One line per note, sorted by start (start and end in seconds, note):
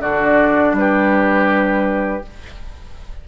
0.00 0.73 D3
0.00 2.22 D4
0.00 0.75 F#4
0.00 0.76 D5
0.73 2.21 G3
0.73 2.26 B4
0.80 2.28 G4